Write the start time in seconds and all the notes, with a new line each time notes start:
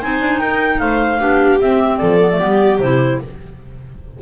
0.00 C4 D#4 C5 G#5
0.21 D4
0.39 D#4 A#4 G5
0.79 A3 C5 F5
1.19 B3 D4 G4
1.60 C4 E5
1.98 F3 A4 D5
2.20 B3
2.31 A3
2.39 G3 B3 G4
2.79 C3 E4 C5